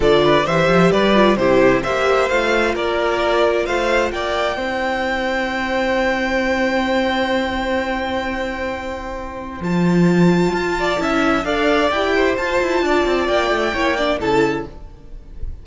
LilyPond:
<<
  \new Staff \with { instrumentName = "violin" } { \time 4/4 \tempo 4 = 131 d''4 e''4 d''4 c''4 | e''4 f''4 d''2 | f''4 g''2.~ | g''1~ |
g''1~ | g''4 a''2.~ | a''4 f''4 g''4 a''4~ | a''4 g''2 a''4 | }
  \new Staff \with { instrumentName = "violin" } { \time 4/4 a'8 b'8 c''4 b'4 g'4 | c''2 ais'2 | c''4 d''4 c''2~ | c''1~ |
c''1~ | c''2.~ c''8 d''8 | e''4 d''4. c''4. | d''2 cis''8 d''8 a'4 | }
  \new Staff \with { instrumentName = "viola" } { \time 4/4 f'4 g'4. f'8 e'4 | g'4 f'2.~ | f'2 e'2~ | e'1~ |
e'1~ | e'4 f'2. | e'4 a'4 g'4 f'4~ | f'2 e'8 d'8 e'4 | }
  \new Staff \with { instrumentName = "cello" } { \time 4/4 d4 e8 f8 g4 c4 | ais4 a4 ais2 | a4 ais4 c'2~ | c'1~ |
c'1~ | c'4 f2 f'4 | cis'4 d'4 e'4 f'8 e'8 | d'8 c'8 ais8 a8 ais4 cis4 | }
>>